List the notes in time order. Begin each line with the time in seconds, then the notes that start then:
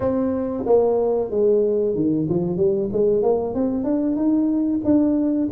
0.00 C4
0.65 A#3
1.30 G#3
1.95 D#3
2.29 F3
2.56 G3
2.92 G#3
3.22 A#3
3.54 C4
3.84 D4
4.16 D#4
4.84 D4